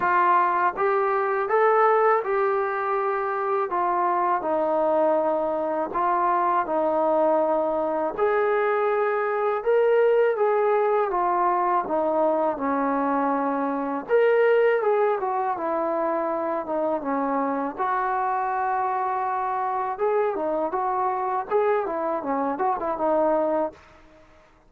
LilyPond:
\new Staff \with { instrumentName = "trombone" } { \time 4/4 \tempo 4 = 81 f'4 g'4 a'4 g'4~ | g'4 f'4 dis'2 | f'4 dis'2 gis'4~ | gis'4 ais'4 gis'4 f'4 |
dis'4 cis'2 ais'4 | gis'8 fis'8 e'4. dis'8 cis'4 | fis'2. gis'8 dis'8 | fis'4 gis'8 e'8 cis'8 fis'16 e'16 dis'4 | }